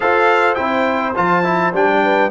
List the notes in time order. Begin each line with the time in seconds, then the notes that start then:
0.00 F4 A4 C5 F5
0.55 C4 E4 G5
1.15 F3 F4 A5
1.44 E4
1.73 G3 D4 G5
2.02 B4